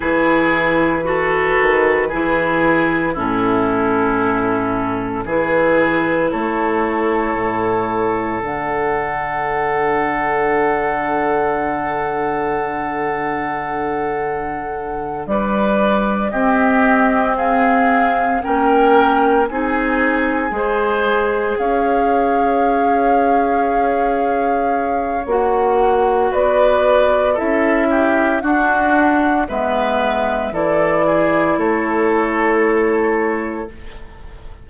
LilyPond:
<<
  \new Staff \with { instrumentName = "flute" } { \time 4/4 \tempo 4 = 57 b'2. a'4~ | a'4 b'4 cis''2 | fis''1~ | fis''2~ fis''8 d''4 dis''8~ |
dis''8 f''4 g''4 gis''4.~ | gis''8 f''2.~ f''8 | fis''4 d''4 e''4 fis''4 | e''4 d''4 cis''2 | }
  \new Staff \with { instrumentName = "oboe" } { \time 4/4 gis'4 a'4 gis'4 e'4~ | e'4 gis'4 a'2~ | a'1~ | a'2~ a'8 b'4 g'8~ |
g'8 gis'4 ais'4 gis'4 c''8~ | c''8 cis''2.~ cis''8~ | cis''4 b'4 a'8 g'8 fis'4 | b'4 a'8 gis'8 a'2 | }
  \new Staff \with { instrumentName = "clarinet" } { \time 4/4 e'4 fis'4 e'4 cis'4~ | cis'4 e'2. | d'1~ | d'2.~ d'8 c'8~ |
c'4. cis'4 dis'4 gis'8~ | gis'1 | fis'2 e'4 d'4 | b4 e'2. | }
  \new Staff \with { instrumentName = "bassoon" } { \time 4/4 e4. dis8 e4 a,4~ | a,4 e4 a4 a,4 | d1~ | d2~ d8 g4 c'8~ |
c'4. ais4 c'4 gis8~ | gis8 cis'2.~ cis'8 | ais4 b4 cis'4 d'4 | gis4 e4 a2 | }
>>